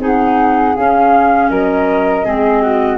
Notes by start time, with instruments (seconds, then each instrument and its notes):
0.00 tuba C4, clarinet D#4, flute G#4 F#5
0.75 tuba C#4, clarinet C#4, flute F5
1.50 tuba F#3, flute A#4 D#5
2.25 tuba G#3, clarinet C4, flute G#4
2.62 flute F#4